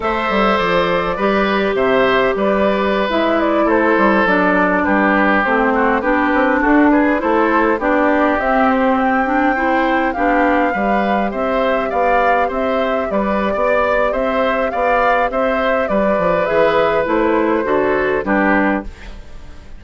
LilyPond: <<
  \new Staff \with { instrumentName = "flute" } { \time 4/4 \tempo 4 = 102 e''4 d''2 e''4 | d''4~ d''16 e''8 d''8 c''4 d''8.~ | d''16 b'4 c''4 b'4 a'8 b'16~ | b'16 c''4 d''4 e''8 c''8 g''8.~ |
g''4~ g''16 f''2 e''8.~ | e''16 f''4 e''4 d''4.~ d''16 | e''4 f''4 e''4 d''4 | e''4 c''2 b'4 | }
  \new Staff \with { instrumentName = "oboe" } { \time 4/4 c''2 b'4 c''4 | b'2~ b'16 a'4.~ a'16~ | a'16 g'4. fis'8 g'4 fis'8 gis'16~ | gis'16 a'4 g'2~ g'8.~ |
g'16 c''4 g'4 b'4 c''8.~ | c''16 d''4 c''4 b'8. d''4 | c''4 d''4 c''4 b'4~ | b'2 a'4 g'4 | }
  \new Staff \with { instrumentName = "clarinet" } { \time 4/4 a'2 g'2~ | g'4~ g'16 e'2 d'8.~ | d'4~ d'16 c'4 d'4.~ d'16~ | d'16 e'4 d'4 c'4. d'16~ |
d'16 e'4 d'4 g'4.~ g'16~ | g'1~ | g'1 | gis'4 e'4 fis'4 d'4 | }
  \new Staff \with { instrumentName = "bassoon" } { \time 4/4 a8 g8 f4 g4 c4 | g4~ g16 gis4 a8 g8 fis8.~ | fis16 g4 a4 b8 c'8 d'8.~ | d'16 a4 b4 c'4.~ c'16~ |
c'4~ c'16 b4 g4 c'8.~ | c'16 b4 c'4 g8. b4 | c'4 b4 c'4 g8 f8 | e4 a4 d4 g4 | }
>>